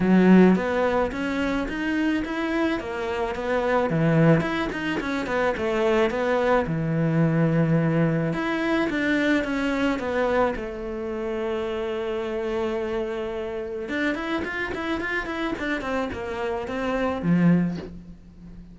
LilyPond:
\new Staff \with { instrumentName = "cello" } { \time 4/4 \tempo 4 = 108 fis4 b4 cis'4 dis'4 | e'4 ais4 b4 e4 | e'8 dis'8 cis'8 b8 a4 b4 | e2. e'4 |
d'4 cis'4 b4 a4~ | a1~ | a4 d'8 e'8 f'8 e'8 f'8 e'8 | d'8 c'8 ais4 c'4 f4 | }